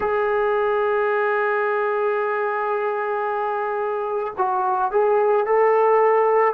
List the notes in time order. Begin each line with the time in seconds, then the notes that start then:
0.00 G#4
4.37 F#4
4.91 G#4
5.45 A4